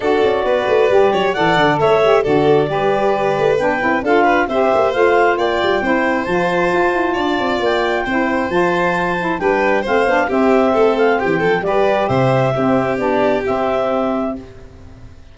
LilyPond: <<
  \new Staff \with { instrumentName = "clarinet" } { \time 4/4 \tempo 4 = 134 d''2. fis''4 | e''4 d''2. | g''4 f''4 e''4 f''4 | g''2 a''2~ |
a''4 g''2 a''4~ | a''4 g''4 f''4 e''4~ | e''8 f''8 g''4 d''4 e''4~ | e''4 d''4 e''2 | }
  \new Staff \with { instrumentName = "violin" } { \time 4/4 a'4 b'4. cis''8 d''4 | cis''4 a'4 b'2~ | b'4 a'8 b'8 c''2 | d''4 c''2. |
d''2 c''2~ | c''4 b'4 c''4 g'4 | a'4 g'8 a'8 b'4 c''4 | g'1 | }
  \new Staff \with { instrumentName = "saxophone" } { \time 4/4 fis'2 g'4 a'4~ | a'8 g'8 fis'4 g'2 | d'8 e'8 f'4 g'4 f'4~ | f'4 e'4 f'2~ |
f'2 e'4 f'4~ | f'8 e'8 d'4 c'8 d'8 c'4~ | c'2 g'2 | c'4 d'4 c'2 | }
  \new Staff \with { instrumentName = "tuba" } { \time 4/4 d'8 cis'8 b8 a8 g8 fis8 e8 d8 | a4 d4 g4. a8 | b8 c'8 d'4 c'8 ais8 a4 | ais8 g8 c'4 f4 f'8 e'8 |
d'8 c'8 ais4 c'4 f4~ | f4 g4 a8 b8 c'4 | a4 e8 f8 g4 c4 | c'4 b4 c'2 | }
>>